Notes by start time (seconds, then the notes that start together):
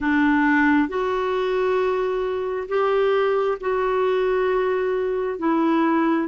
0.00 D4
0.88 F#4
2.68 G4
3.60 F#4
5.38 E4